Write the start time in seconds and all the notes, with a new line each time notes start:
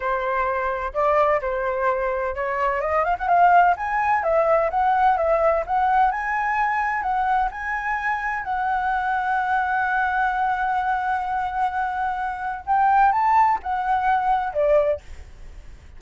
0.00 C5
0.93 D5
1.41 C5
2.35 C#5
2.81 D#5
3.04 F5
3.18 F#5
3.28 F5
3.76 G#5
4.23 E5
4.70 F#5
5.17 E5
5.66 F#5
6.11 G#5
7.02 F#5
7.51 G#5
8.43 F#5
12.66 G5
13.12 A5
13.62 F#5
14.53 D5